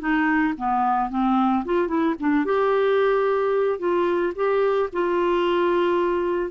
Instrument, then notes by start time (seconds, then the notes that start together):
clarinet
0.00 D#4
0.57 B3
1.10 C4
1.65 F4
1.88 E4
2.20 D4
2.45 G4
3.79 F4
4.35 G4
4.93 F4